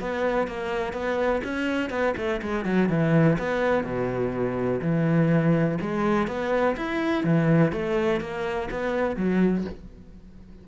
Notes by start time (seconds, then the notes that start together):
0.00 B3
0.48 A#3
0.93 B3
1.44 C#4
1.90 B3
2.17 A3
2.42 G#3
2.65 F#3
2.90 E3
3.39 B3
3.84 B2
4.82 E3
5.81 G#3
6.28 B3
6.77 E4
7.24 E3
7.73 A3
8.21 A#3
8.71 B3
9.17 F#3